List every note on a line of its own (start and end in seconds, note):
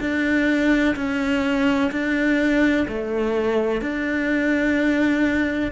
0.00 0.95 D4
0.96 1.91 C#4
1.91 2.86 D4
2.88 3.81 A3
3.81 5.71 D4